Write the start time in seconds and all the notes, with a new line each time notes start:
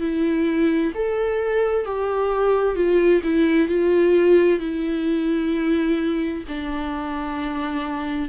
0.00 E4
0.94 A4
1.85 G4
2.75 F4
3.23 E4
3.68 F4
4.59 E4
6.48 D4